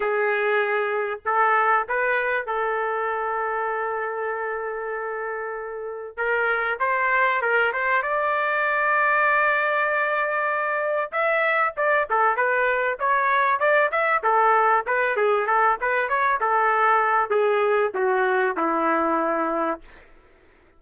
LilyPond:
\new Staff \with { instrumentName = "trumpet" } { \time 4/4 \tempo 4 = 97 gis'2 a'4 b'4 | a'1~ | a'2 ais'4 c''4 | ais'8 c''8 d''2.~ |
d''2 e''4 d''8 a'8 | b'4 cis''4 d''8 e''8 a'4 | b'8 gis'8 a'8 b'8 cis''8 a'4. | gis'4 fis'4 e'2 | }